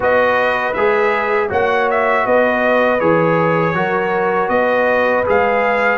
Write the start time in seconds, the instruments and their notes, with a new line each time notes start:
0.00 tuba B3, trombone F#4, horn B4, trumpet D#5
0.73 tuba G#3, trombone G#4, trumpet E5
1.49 tuba A#3, trombone F#4, horn C#5, trumpet F#5
1.90 trumpet E5
2.25 tuba B3, horn B4, trumpet D#5
2.99 tuba E3, trombone G#4, trumpet C#5
3.74 tuba F#3, trombone F#4, horn A#4
4.48 tuba B3, horn B4, trumpet D#5
5.25 tuba G#3, trombone G#4, trumpet F5